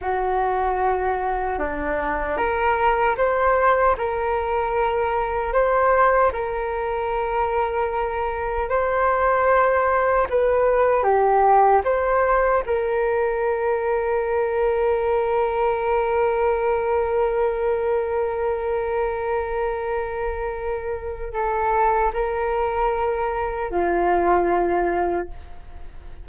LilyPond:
\new Staff \with { instrumentName = "flute" } { \time 4/4 \tempo 4 = 76 fis'2 d'4 ais'4 | c''4 ais'2 c''4 | ais'2. c''4~ | c''4 b'4 g'4 c''4 |
ais'1~ | ais'1~ | ais'2. a'4 | ais'2 f'2 | }